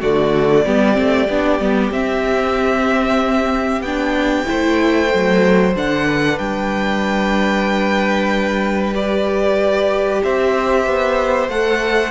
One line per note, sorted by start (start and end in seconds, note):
0.00 0.65 D3
0.00 0.65 A3
0.00 0.64 F#4
0.00 1.92 D5
0.65 0.97 G3
0.65 0.93 B3
0.65 4.48 G4
0.93 1.28 A3
0.93 1.25 C4
1.28 1.59 B3
1.28 1.60 D4
1.59 1.91 G3
1.59 1.91 B3
1.91 3.81 C4
1.91 3.84 C4
1.91 3.82 E5
3.81 4.44 B3
3.81 4.45 D4
3.81 5.73 G5
4.45 5.14 A3
4.45 5.08 E4
4.45 6.06 C5
5.08 5.75 F#3
5.08 5.72 A3
5.75 6.38 D3
5.75 8.93 D4
5.75 6.38 F#5
6.06 10.21 B4
6.38 10.21 G3
6.38 8.93 G5
8.93 11.49 G4
8.93 10.22 D5
10.23 10.86 C4
10.23 12.10 C5
10.23 11.49 E5
10.86 11.48 B3
11.48 12.10 A3
11.48 12.10 A4
11.48 12.10 F#5